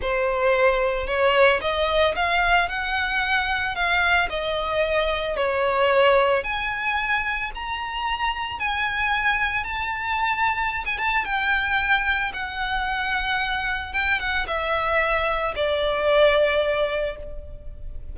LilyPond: \new Staff \with { instrumentName = "violin" } { \time 4/4 \tempo 4 = 112 c''2 cis''4 dis''4 | f''4 fis''2 f''4 | dis''2 cis''2 | gis''2 ais''2 |
gis''2 a''2~ | a''16 gis''16 a''8 g''2 fis''4~ | fis''2 g''8 fis''8 e''4~ | e''4 d''2. | }